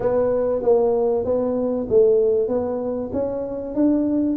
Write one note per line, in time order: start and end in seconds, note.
0.00 0.62 B3
0.62 1.24 A#3
1.24 1.87 B3
1.89 2.47 A3
2.47 3.10 B3
3.12 3.74 C#4
3.74 4.37 D4